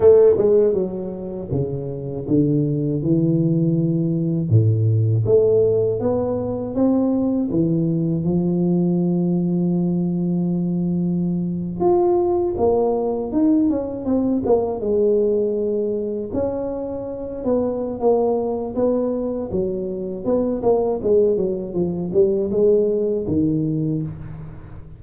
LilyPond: \new Staff \with { instrumentName = "tuba" } { \time 4/4 \tempo 4 = 80 a8 gis8 fis4 cis4 d4 | e2 a,4 a4 | b4 c'4 e4 f4~ | f2.~ f8. f'16~ |
f'8. ais4 dis'8 cis'8 c'8 ais8 gis16~ | gis4.~ gis16 cis'4. b8. | ais4 b4 fis4 b8 ais8 | gis8 fis8 f8 g8 gis4 dis4 | }